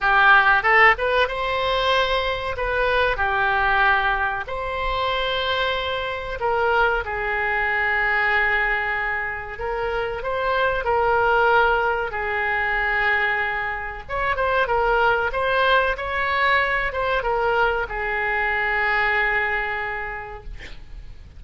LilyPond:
\new Staff \with { instrumentName = "oboe" } { \time 4/4 \tempo 4 = 94 g'4 a'8 b'8 c''2 | b'4 g'2 c''4~ | c''2 ais'4 gis'4~ | gis'2. ais'4 |
c''4 ais'2 gis'4~ | gis'2 cis''8 c''8 ais'4 | c''4 cis''4. c''8 ais'4 | gis'1 | }